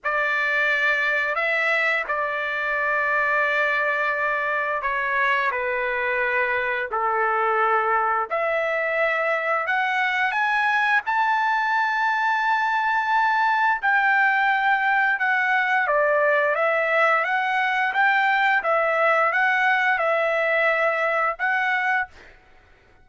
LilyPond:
\new Staff \with { instrumentName = "trumpet" } { \time 4/4 \tempo 4 = 87 d''2 e''4 d''4~ | d''2. cis''4 | b'2 a'2 | e''2 fis''4 gis''4 |
a''1 | g''2 fis''4 d''4 | e''4 fis''4 g''4 e''4 | fis''4 e''2 fis''4 | }